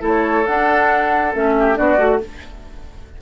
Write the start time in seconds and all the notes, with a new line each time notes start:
0.00 A3 E4 A4
0.06 C#5
0.46 D4 F#5
1.34 A3 C#4 E5
1.59 G4
1.75 B3 D4 F#4 D5
1.97 A3 F#4